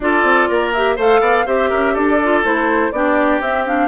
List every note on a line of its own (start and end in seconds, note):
0.00 0.23 D4
0.00 0.74 F4
0.00 0.49 A4
0.00 0.72 D5
0.23 0.47 C4
0.49 0.98 A#3
0.49 0.96 A#4
0.72 0.97 G4
0.72 0.97 E5
0.96 1.20 A3
0.96 1.46 A4
0.96 1.20 C5
0.96 1.47 F5
1.20 1.45 B3
1.20 1.45 D5
1.46 1.71 C4
1.46 2.19 G4
1.46 1.69 C5
1.46 1.95 E5
1.69 1.96 C#4
1.69 1.93 A#4
1.93 2.44 D4
1.93 2.91 A4
1.93 2.43 D5
2.23 2.43 F4
2.43 2.91 A3
2.43 2.92 E4
2.43 2.92 C5
2.91 3.40 B3
2.91 3.42 D4
2.91 3.88 G4
2.91 3.40 D5
3.40 3.88 C4
3.40 3.66 C4
3.40 3.66 E5
3.66 3.88 D4
3.66 3.88 F5